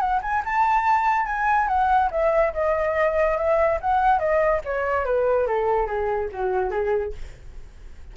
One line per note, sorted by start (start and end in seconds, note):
0.00 0.21 F#5
0.22 0.43 G#5
0.45 1.26 A5
1.26 1.68 G#5
1.68 2.10 F#5
2.12 2.53 E5
2.54 3.38 D#5
3.38 3.80 E5
3.81 4.20 F#5
4.20 4.62 D#5
4.65 5.06 C#5
5.06 5.48 B4
5.48 5.87 A4
5.87 6.29 G#4
6.32 6.71 F#4
6.71 7.13 G#4